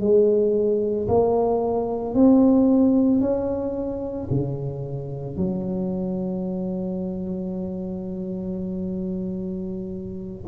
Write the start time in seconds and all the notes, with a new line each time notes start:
0.00 G#3
1.08 A#3
2.14 C4
3.21 C#4
4.30 C#3
5.37 F#3